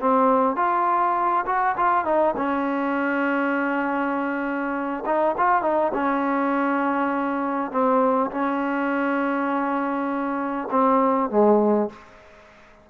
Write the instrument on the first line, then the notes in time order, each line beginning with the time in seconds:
trombone
0.00 C4
0.56 F4
1.46 F#4
1.77 F4
2.05 D#4
2.37 C#4
5.05 D#4
5.38 F4
5.62 D#4
5.94 C#4
7.71 C4
8.31 C#4
10.71 C4
11.30 G#3